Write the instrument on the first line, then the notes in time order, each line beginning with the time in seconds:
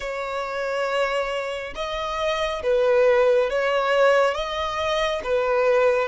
violin
0.00 C#5
1.75 D#5
2.62 B4
3.49 C#5
4.34 D#5
5.23 B4